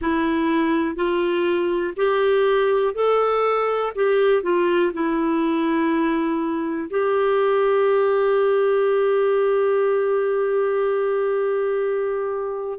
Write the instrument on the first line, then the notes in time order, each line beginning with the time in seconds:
clarinet
0.00 E4
0.95 F4
1.96 G4
2.94 A4
3.95 G4
4.43 F4
4.93 E4
6.89 G4